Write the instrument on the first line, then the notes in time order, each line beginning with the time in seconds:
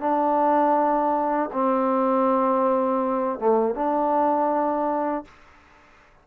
trombone
0.00 D4
1.53 C4
3.39 A3
3.75 D4